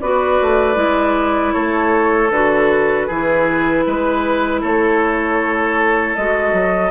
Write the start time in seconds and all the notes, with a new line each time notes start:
0.00 B3 F#4 B4 D5
0.41 A3
0.75 G#3 E4
1.53 A3 A4 C#5
2.30 D3 F#4 B4
3.07 E3 E4 G#4
3.86 G#3 B4
4.61 A3 A4 C#5
6.15 G#3 F#4 D#5
6.52 F#3